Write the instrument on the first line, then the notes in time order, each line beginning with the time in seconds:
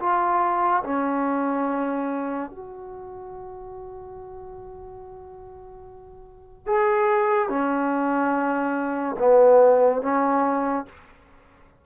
trombone
0.00 F4
0.84 C#4
2.51 F#4
6.67 G#4
7.49 C#4
9.19 B3
10.02 C#4